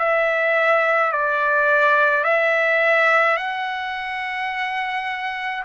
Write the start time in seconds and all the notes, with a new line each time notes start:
0.00 E5
1.12 D5
2.25 E5
3.38 F#5